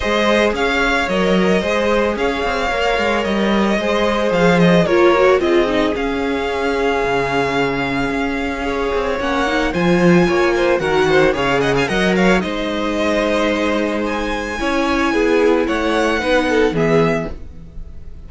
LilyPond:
<<
  \new Staff \with { instrumentName = "violin" } { \time 4/4 \tempo 4 = 111 dis''4 f''4 dis''2 | f''2 dis''2 | f''8 dis''8 cis''4 dis''4 f''4~ | f''1~ |
f''4 fis''4 gis''2 | fis''4 f''8 fis''16 gis''16 fis''8 f''8 dis''4~ | dis''2 gis''2~ | gis''4 fis''2 e''4 | }
  \new Staff \with { instrumentName = "violin" } { \time 4/4 c''4 cis''2 c''4 | cis''2. c''4~ | c''4 ais'4 gis'2~ | gis'1 |
cis''2 c''4 cis''8 c''8 | ais'8 c''8 cis''8 dis''16 f''16 dis''8 cis''8 c''4~ | c''2. cis''4 | gis'4 cis''4 b'8 a'8 gis'4 | }
  \new Staff \with { instrumentName = "viola" } { \time 4/4 gis'2 ais'4 gis'4~ | gis'4 ais'2 gis'4~ | gis'4 f'8 fis'8 f'8 dis'8 cis'4~ | cis'1 |
gis'4 cis'8 dis'8 f'2 | fis'4 gis'4 ais'4 dis'4~ | dis'2. e'4~ | e'2 dis'4 b4 | }
  \new Staff \with { instrumentName = "cello" } { \time 4/4 gis4 cis'4 fis4 gis4 | cis'8 c'8 ais8 gis8 g4 gis4 | f4 ais4 c'4 cis'4~ | cis'4 cis2 cis'4~ |
cis'8 c'8 ais4 f4 ais4 | dis4 cis4 fis4 gis4~ | gis2. cis'4 | b4 a4 b4 e4 | }
>>